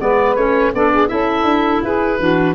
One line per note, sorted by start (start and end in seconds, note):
0.00 0.37 G#3
0.00 0.37 B3
0.00 0.74 B4
0.00 0.36 D5
0.36 0.73 A3
0.36 0.74 C#4
0.36 0.72 C#5
0.74 1.11 B3
0.74 1.08 D4
0.74 0.92 A4
0.74 1.09 D5
0.92 1.10 G#4
1.08 1.44 C#4
1.08 2.18 E4
1.08 1.84 A4
1.08 1.82 E5
1.44 1.81 D4
1.83 2.20 E4
1.83 2.19 G#4
1.83 2.55 B4
2.19 2.55 E3
2.19 2.55 D4
2.19 2.55 F#4